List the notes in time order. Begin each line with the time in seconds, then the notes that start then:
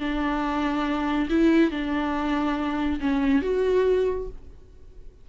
0.00 D4
1.30 E4
1.71 D4
3.01 C#4
3.42 F#4